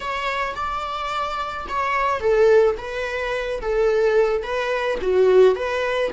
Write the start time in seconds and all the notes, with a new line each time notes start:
0.00 C#5
0.55 D5
1.68 C#5
2.19 A4
2.77 B4
3.61 A4
4.43 B4
5.01 F#4
5.55 B4